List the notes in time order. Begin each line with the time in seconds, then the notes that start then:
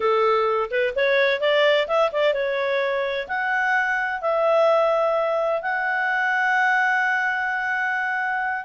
0.00 A4
0.70 B4
0.95 C#5
1.40 D5
1.87 E5
2.12 D5
2.33 C#5
3.28 F#5
4.21 E5
5.62 F#5